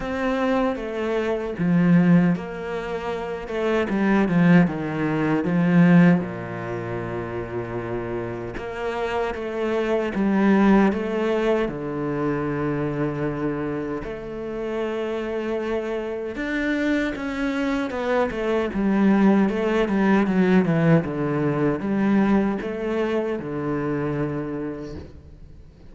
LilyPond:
\new Staff \with { instrumentName = "cello" } { \time 4/4 \tempo 4 = 77 c'4 a4 f4 ais4~ | ais8 a8 g8 f8 dis4 f4 | ais,2. ais4 | a4 g4 a4 d4~ |
d2 a2~ | a4 d'4 cis'4 b8 a8 | g4 a8 g8 fis8 e8 d4 | g4 a4 d2 | }